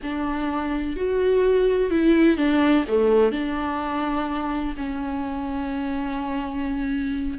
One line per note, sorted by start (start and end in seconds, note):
0.02 0.96 D4
0.96 1.90 F#4
1.90 2.37 E4
2.37 2.84 D4
2.88 3.32 A3
3.32 4.74 D4
4.77 7.38 C#4